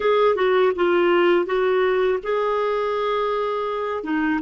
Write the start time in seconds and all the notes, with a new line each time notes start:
0.00 G#4
0.35 F#4
0.75 F4
1.45 F#4
2.23 G#4
4.03 D#4